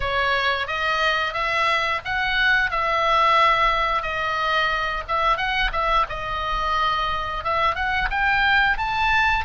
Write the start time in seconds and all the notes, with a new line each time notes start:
0.00 C#5
0.67 D#5
1.33 E5
2.04 F#5
2.71 E5
4.02 D#5
5.08 E5
5.37 F#5
5.72 E5
6.09 D#5
7.43 E5
7.75 F#5
8.10 G5
8.77 A5